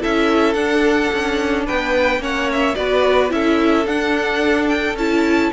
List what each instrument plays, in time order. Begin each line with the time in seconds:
0.00 cello C#4, viola E4, violin A4 E5
0.53 cello D4, viola D4, violin F#5
1.13 cello C#4
1.66 cello B3, violin B4 G5
2.18 cello A#3, viola C#4, violin C#5 F#5
2.51 violin E5
2.75 cello B3, viola F#4, violin B4 D5
3.29 cello C#4, viola E4, violin A4 E5
3.86 cello D4, viola D4, violin F#5
4.68 violin G5
4.95 cello C#4, viola E4, violin A5